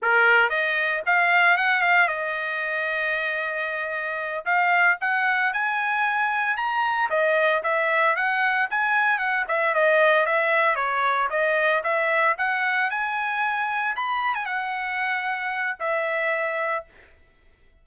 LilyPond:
\new Staff \with { instrumentName = "trumpet" } { \time 4/4 \tempo 4 = 114 ais'4 dis''4 f''4 fis''8 f''8 | dis''1~ | dis''8 f''4 fis''4 gis''4.~ | gis''8 ais''4 dis''4 e''4 fis''8~ |
fis''8 gis''4 fis''8 e''8 dis''4 e''8~ | e''8 cis''4 dis''4 e''4 fis''8~ | fis''8 gis''2 b''8. gis''16 fis''8~ | fis''2 e''2 | }